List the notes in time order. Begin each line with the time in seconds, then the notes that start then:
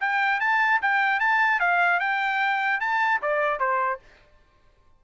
0.00 G5
0.40 A5
0.81 G5
1.19 A5
1.59 F5
2.00 G5
2.80 A5
3.21 D5
3.59 C5